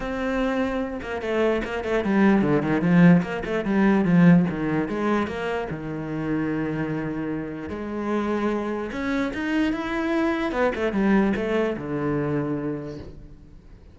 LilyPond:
\new Staff \with { instrumentName = "cello" } { \time 4/4 \tempo 4 = 148 c'2~ c'8 ais8 a4 | ais8 a8 g4 d8 dis8 f4 | ais8 a8 g4 f4 dis4 | gis4 ais4 dis2~ |
dis2. gis4~ | gis2 cis'4 dis'4 | e'2 b8 a8 g4 | a4 d2. | }